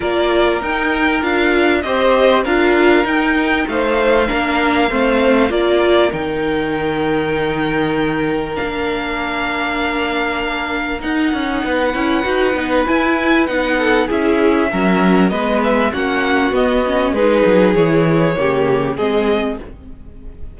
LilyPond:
<<
  \new Staff \with { instrumentName = "violin" } { \time 4/4 \tempo 4 = 98 d''4 g''4 f''4 dis''4 | f''4 g''4 f''2~ | f''4 d''4 g''2~ | g''2 f''2~ |
f''2 fis''2~ | fis''4 gis''4 fis''4 e''4~ | e''4 dis''8 e''8 fis''4 dis''4 | b'4 cis''2 dis''4 | }
  \new Staff \with { instrumentName = "violin" } { \time 4/4 ais'2. c''4 | ais'2 c''4 ais'4 | c''4 ais'2.~ | ais'1~ |
ais'2. b'4~ | b'2~ b'8 a'8 gis'4 | ais'4 b'4 fis'2 | gis'2 g'4 gis'4 | }
  \new Staff \with { instrumentName = "viola" } { \time 4/4 f'4 dis'4 f'4 g'4 | f'4 dis'2 d'4 | c'4 f'4 dis'2~ | dis'2 d'2~ |
d'2 dis'4. e'8 | fis'8 dis'8 e'4 dis'4 e'4 | cis'4 b4 cis'4 b8 cis'8 | dis'4 e'4 ais4 c'4 | }
  \new Staff \with { instrumentName = "cello" } { \time 4/4 ais4 dis'4 d'4 c'4 | d'4 dis'4 a4 ais4 | a4 ais4 dis2~ | dis2 ais2~ |
ais2 dis'8 cis'8 b8 cis'8 | dis'8 b8 e'4 b4 cis'4 | fis4 gis4 ais4 b4 | gis8 fis8 e4 cis4 gis4 | }
>>